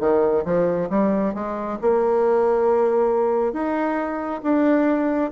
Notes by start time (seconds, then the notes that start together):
0.00 D#3
0.45 F3
0.90 G3
1.35 G#3
1.81 A#3
3.53 D#4
4.43 D4